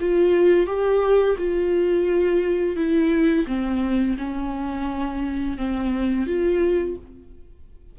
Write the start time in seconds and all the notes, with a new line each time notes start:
0.00 F4
0.66 G4
1.38 F4
2.76 E4
3.47 C4
4.18 C#4
5.58 C4
6.26 F4